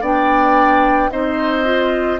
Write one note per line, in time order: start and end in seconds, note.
0.00 1.09 B3
0.00 1.10 D4
0.00 1.10 D5
0.00 1.11 G5
1.10 2.20 C4
1.10 1.64 D#4
1.10 2.20 C5
1.10 2.20 D#5
1.64 2.18 F4